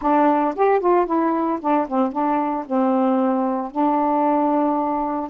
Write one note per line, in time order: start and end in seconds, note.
0.01 0.54 D4
0.55 0.79 G4
0.79 1.06 F4
1.06 1.59 E4
1.60 1.87 D4
1.88 2.12 C4
2.12 2.65 D4
2.66 3.71 C4
3.71 5.30 D4